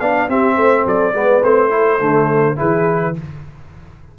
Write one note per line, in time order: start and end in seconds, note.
0.00 0.28 B3
0.00 0.29 D4
0.00 0.29 D5
0.00 0.29 F5
0.28 0.57 C4
0.28 1.13 C4
0.28 0.55 G4
0.28 0.87 E5
0.55 0.86 A3
0.55 0.83 C5
0.85 1.14 F#3
0.85 1.14 A4
0.85 1.44 D5
1.13 1.42 G#3
1.13 1.42 B3
1.13 1.72 B4
1.43 2.00 A3
1.43 1.70 C4
1.43 2.59 C5
1.70 1.99 E4
1.70 2.58 A4
2.00 2.58 D3
2.00 2.56 A3
2.56 3.19 E3
2.56 3.14 E4
2.56 3.15 G#4
2.56 3.16 B4